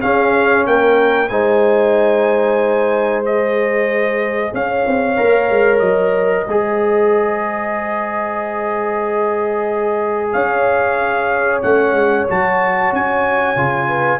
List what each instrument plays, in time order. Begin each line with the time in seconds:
0.00 trombone C#4, tuba C#4, horn G#4, trumpet F5
0.66 tuba A#3, horn A#4, trumpet G5
1.29 tuba G#3, trombone D#4, horn C5, trumpet G#5
3.24 trombone G#4, trumpet D#5
4.54 tuba C#4, horn C#5, trumpet F5
4.87 tuba C4
5.17 tuba A#3, trombone A#4
5.50 tuba G#3
5.79 tuba F#3, trumpet D#5
6.46 tuba G#3, trombone G#4, horn C5
10.33 tuba C#4, horn C#5, trumpet F5
11.62 tuba A3, trombone C#4, trumpet F#5
11.92 tuba G#3
12.28 tuba F#3, trombone F#4, trumpet A5
12.92 tuba C#4, trumpet G#5
13.56 tuba C#3, trombone F4
13.89 horn B4